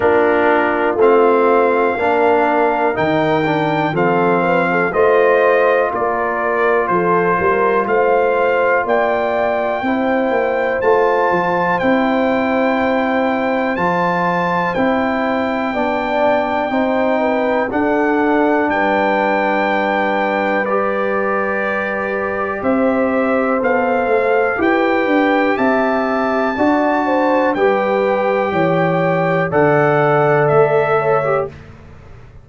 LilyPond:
<<
  \new Staff \with { instrumentName = "trumpet" } { \time 4/4 \tempo 4 = 61 ais'4 f''2 g''4 | f''4 dis''4 d''4 c''4 | f''4 g''2 a''4 | g''2 a''4 g''4~ |
g''2 fis''4 g''4~ | g''4 d''2 e''4 | f''4 g''4 a''2 | g''2 fis''4 e''4 | }
  \new Staff \with { instrumentName = "horn" } { \time 4/4 f'2 ais'2 | a'8 b'16 a'16 c''4 ais'4 a'8 ais'8 | c''4 d''4 c''2~ | c''1 |
d''4 c''8 b'8 a'4 b'4~ | b'2. c''4~ | c''4 b'4 e''4 d''8 c''8 | b'4 cis''4 d''4. cis''8 | }
  \new Staff \with { instrumentName = "trombone" } { \time 4/4 d'4 c'4 d'4 dis'8 d'8 | c'4 f'2.~ | f'2 e'4 f'4 | e'2 f'4 e'4 |
d'4 dis'4 d'2~ | d'4 g'2. | a'4 g'2 fis'4 | g'2 a'4.~ a'16 g'16 | }
  \new Staff \with { instrumentName = "tuba" } { \time 4/4 ais4 a4 ais4 dis4 | f4 a4 ais4 f8 g8 | a4 ais4 c'8 ais8 a8 f8 | c'2 f4 c'4 |
b4 c'4 d'4 g4~ | g2. c'4 | b8 a8 e'8 d'8 c'4 d'4 | g4 e4 d4 a4 | }
>>